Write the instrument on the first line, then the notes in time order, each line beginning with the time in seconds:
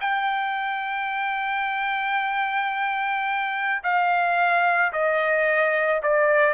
trumpet
0.00 G5
3.83 F5
4.92 D#5
6.02 D5